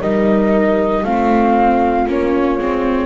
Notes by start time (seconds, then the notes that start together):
0.00 G3 D#4 A#4 D#5
1.04 A3 C4 F4 F5
2.08 A#3 C#4 C#5
2.59 G#3 C4